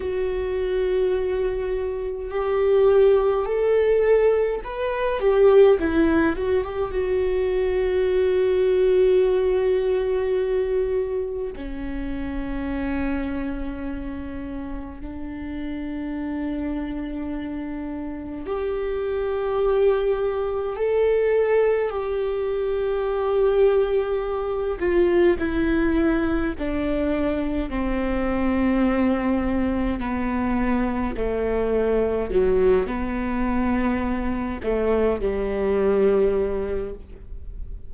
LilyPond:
\new Staff \with { instrumentName = "viola" } { \time 4/4 \tempo 4 = 52 fis'2 g'4 a'4 | b'8 g'8 e'8 fis'16 g'16 fis'2~ | fis'2 cis'2~ | cis'4 d'2. |
g'2 a'4 g'4~ | g'4. f'8 e'4 d'4 | c'2 b4 a4 | fis8 b4. a8 g4. | }